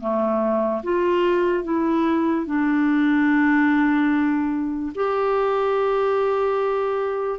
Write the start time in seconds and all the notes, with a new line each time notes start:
0.00 A3
0.83 F4
1.64 E4
2.46 D4
4.95 G4